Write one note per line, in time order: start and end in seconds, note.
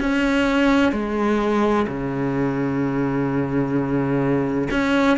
0.00 0.92 C#4
0.92 1.86 G#3
1.87 4.69 C#3
4.71 5.18 C#4